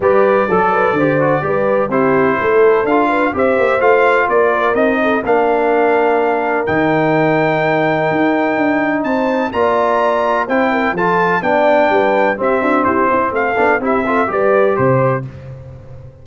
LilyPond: <<
  \new Staff \with { instrumentName = "trumpet" } { \time 4/4 \tempo 4 = 126 d''1 | c''2 f''4 e''4 | f''4 d''4 dis''4 f''4~ | f''2 g''2~ |
g''2. a''4 | ais''2 g''4 a''4 | g''2 e''4 c''4 | f''4 e''4 d''4 c''4 | }
  \new Staff \with { instrumentName = "horn" } { \time 4/4 b'4 a'8 b'8 c''4 b'4 | g'4 a'4. b'8 c''4~ | c''4 ais'4. a'8 ais'4~ | ais'1~ |
ais'2. c''4 | d''2 c''8 ais'8 a'4 | d''4 b'4 g'8 fis'8 g'8 e'8 | a'4 g'8 a'8 b'4 c''4 | }
  \new Staff \with { instrumentName = "trombone" } { \time 4/4 g'4 a'4 g'8 fis'8 g'4 | e'2 f'4 g'4 | f'2 dis'4 d'4~ | d'2 dis'2~ |
dis'1 | f'2 e'4 f'4 | d'2 c'2~ | c'8 d'8 e'8 f'8 g'2 | }
  \new Staff \with { instrumentName = "tuba" } { \time 4/4 g4 fis4 d4 g4 | c'4 a4 d'4 c'8 ais8 | a4 ais4 c'4 ais4~ | ais2 dis2~ |
dis4 dis'4 d'4 c'4 | ais2 c'4 f4 | b4 g4 c'8 d'8 e'8 c'8 | a8 b8 c'4 g4 c4 | }
>>